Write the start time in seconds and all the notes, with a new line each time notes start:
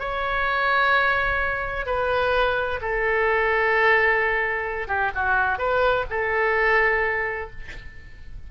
0.00 C#5
1.86 B4
2.81 A4
4.88 G4
5.15 F#4
5.59 B4
6.10 A4